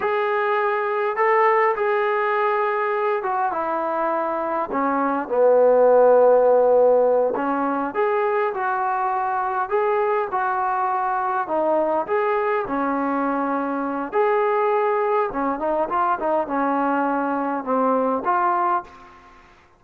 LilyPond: \new Staff \with { instrumentName = "trombone" } { \time 4/4 \tempo 4 = 102 gis'2 a'4 gis'4~ | gis'4. fis'8 e'2 | cis'4 b2.~ | b8 cis'4 gis'4 fis'4.~ |
fis'8 gis'4 fis'2 dis'8~ | dis'8 gis'4 cis'2~ cis'8 | gis'2 cis'8 dis'8 f'8 dis'8 | cis'2 c'4 f'4 | }